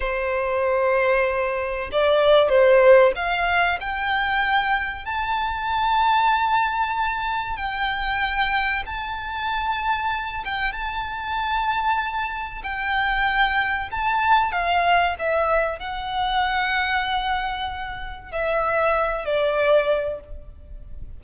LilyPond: \new Staff \with { instrumentName = "violin" } { \time 4/4 \tempo 4 = 95 c''2. d''4 | c''4 f''4 g''2 | a''1 | g''2 a''2~ |
a''8 g''8 a''2. | g''2 a''4 f''4 | e''4 fis''2.~ | fis''4 e''4. d''4. | }